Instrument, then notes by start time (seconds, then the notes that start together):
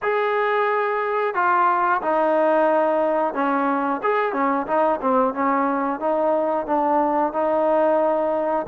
trombone
0.02 G#4
1.34 F4
2.02 D#4
3.34 C#4
4.02 G#4
4.32 C#4
4.66 D#4
5.01 C4
5.34 C#4
6.00 D#4
6.66 D4
7.32 D#4